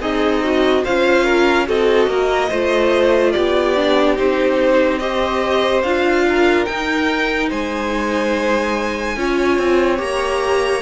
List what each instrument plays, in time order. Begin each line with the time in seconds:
0.00 cello C4, violin D#4 D#5, viola G#4
0.43 viola F#4
0.84 cello C#4, viola F4, violin C5 F5
1.25 violin A#4
1.66 cello C4, viola F#4, violin A4 D#5
2.07 cello A#3, violin A#4
2.50 cello A3, viola F4, violin C5
3.32 cello B3, violin G4 D5
3.76 viola D4
4.16 cello C4, viola D#4, violin C5
4.99 viola G4, violin C5 D#5
5.82 cello D4, viola F4, violin F5
6.29 violin A#4
6.65 viola D#4, cello D#4, violin G5
7.49 cello G#3, violin C5 G#5
9.16 cello C#4, viola F4, violin C#5
9.58 cello C4
9.97 cello A#3, viola G4, violin A#5